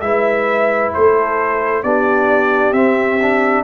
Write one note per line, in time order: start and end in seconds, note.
0.00 0.91 G#3
0.00 1.84 E4
0.00 0.94 B4
0.00 0.91 E5
0.93 1.83 A3
0.93 1.84 A4
0.93 1.83 C5
1.83 2.72 B3
1.83 2.73 D4
1.83 3.64 G4
1.83 2.73 D5
2.72 3.62 C4
2.72 3.19 C4
2.72 3.63 E5
3.21 3.64 D4